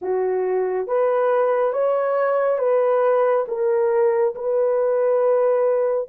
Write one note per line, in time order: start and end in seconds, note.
0.01 0.87 F#4
0.87 1.72 B4
1.72 2.58 C#5
2.58 3.45 B4
3.47 4.34 A#4
4.35 6.08 B4